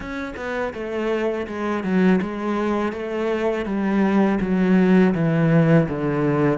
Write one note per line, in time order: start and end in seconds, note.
0.00 0.34 C#4
0.36 0.73 B3
0.73 1.46 A3
1.47 1.83 G#3
1.83 2.20 F#3
2.21 2.92 G#3
2.92 3.65 A3
3.65 4.38 G3
4.41 5.14 F#3
5.14 5.87 E3
5.88 6.58 D3